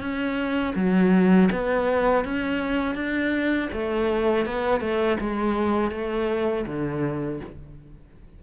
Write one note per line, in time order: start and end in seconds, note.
0.00 0.74 C#4
0.75 1.49 F#3
1.52 2.25 B3
2.25 2.95 C#4
2.95 3.69 D4
3.73 4.45 A3
4.45 4.80 B3
4.80 5.18 A3
5.20 5.91 G#3
5.91 6.65 A3
6.66 7.40 D3